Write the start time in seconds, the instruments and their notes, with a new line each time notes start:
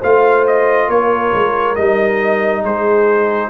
0.00 tuba A3, trombone F4, horn C5, trumpet F5
0.47 trumpet D#5
0.89 tuba A#3, horn A#4, trumpet C#5
1.34 tuba G#3
1.76 tuba G3, trombone D#4, trumpet D#5
2.63 tuba G#3, horn G#4, trumpet C5